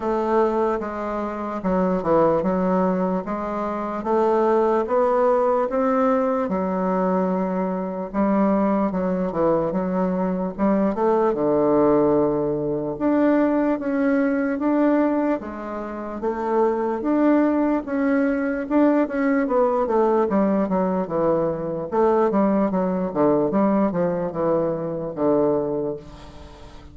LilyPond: \new Staff \with { instrumentName = "bassoon" } { \time 4/4 \tempo 4 = 74 a4 gis4 fis8 e8 fis4 | gis4 a4 b4 c'4 | fis2 g4 fis8 e8 | fis4 g8 a8 d2 |
d'4 cis'4 d'4 gis4 | a4 d'4 cis'4 d'8 cis'8 | b8 a8 g8 fis8 e4 a8 g8 | fis8 d8 g8 f8 e4 d4 | }